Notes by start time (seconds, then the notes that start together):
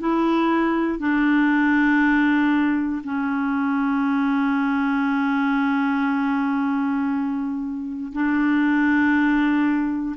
0.00 E4
0.99 D4
3.04 C#4
8.13 D4